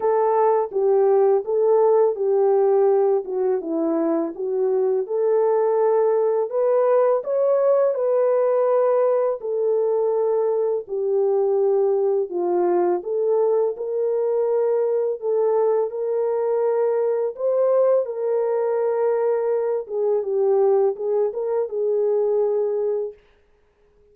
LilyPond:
\new Staff \with { instrumentName = "horn" } { \time 4/4 \tempo 4 = 83 a'4 g'4 a'4 g'4~ | g'8 fis'8 e'4 fis'4 a'4~ | a'4 b'4 cis''4 b'4~ | b'4 a'2 g'4~ |
g'4 f'4 a'4 ais'4~ | ais'4 a'4 ais'2 | c''4 ais'2~ ais'8 gis'8 | g'4 gis'8 ais'8 gis'2 | }